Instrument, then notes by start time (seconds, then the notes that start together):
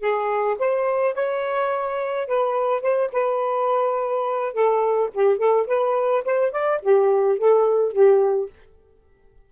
saxophone
0.00 G#4
0.59 C5
1.14 C#5
2.27 B4
2.81 C5
3.12 B4
4.53 A4
5.14 G4
5.38 A4
5.67 B4
6.25 C5
6.51 D5
6.82 G4
7.38 A4
7.92 G4